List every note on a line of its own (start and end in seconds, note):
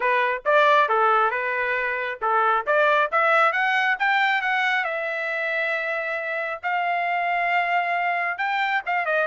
0.00 0.42 B4
0.45 0.88 D5
0.88 1.30 A4
1.30 2.19 B4
2.21 2.65 A4
2.66 3.10 D5
3.11 3.52 E5
3.52 3.96 F#5
3.99 4.41 G5
4.41 4.84 F#5
4.84 6.60 E5
6.62 8.37 F5
8.37 8.82 G5
8.86 9.05 F5
9.05 9.27 D#5